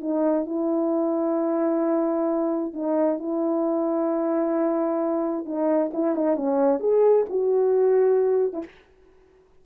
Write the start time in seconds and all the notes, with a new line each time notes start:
0.00 D#4
0.46 E4
2.73 D#4
3.19 E4
5.45 D#4
5.93 E4
6.15 D#4
6.36 C#4
6.80 G#4
7.29 F#4
8.53 E4